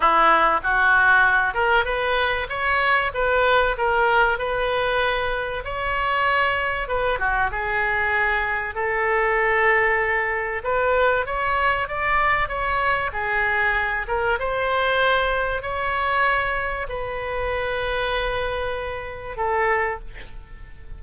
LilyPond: \new Staff \with { instrumentName = "oboe" } { \time 4/4 \tempo 4 = 96 e'4 fis'4. ais'8 b'4 | cis''4 b'4 ais'4 b'4~ | b'4 cis''2 b'8 fis'8 | gis'2 a'2~ |
a'4 b'4 cis''4 d''4 | cis''4 gis'4. ais'8 c''4~ | c''4 cis''2 b'4~ | b'2. a'4 | }